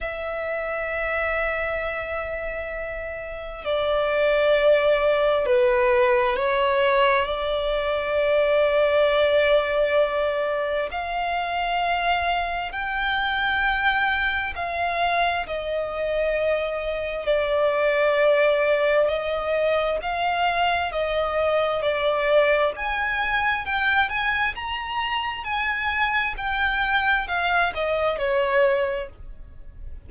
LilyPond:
\new Staff \with { instrumentName = "violin" } { \time 4/4 \tempo 4 = 66 e''1 | d''2 b'4 cis''4 | d''1 | f''2 g''2 |
f''4 dis''2 d''4~ | d''4 dis''4 f''4 dis''4 | d''4 gis''4 g''8 gis''8 ais''4 | gis''4 g''4 f''8 dis''8 cis''4 | }